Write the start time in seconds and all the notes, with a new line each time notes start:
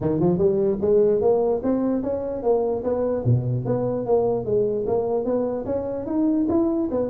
0.01 D#3
0.20 F3
0.38 G3
0.81 G#3
1.21 A#3
1.63 C4
2.02 C#4
2.42 A#3
2.83 B3
3.24 B2
3.65 B3
4.06 A#3
4.45 G#3
4.86 A#3
5.24 B3
5.65 C#4
6.05 D#4
6.48 E4
6.91 B3